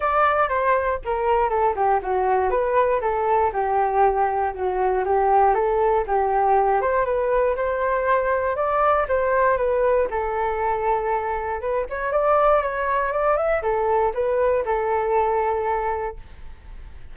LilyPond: \new Staff \with { instrumentName = "flute" } { \time 4/4 \tempo 4 = 119 d''4 c''4 ais'4 a'8 g'8 | fis'4 b'4 a'4 g'4~ | g'4 fis'4 g'4 a'4 | g'4. c''8 b'4 c''4~ |
c''4 d''4 c''4 b'4 | a'2. b'8 cis''8 | d''4 cis''4 d''8 e''8 a'4 | b'4 a'2. | }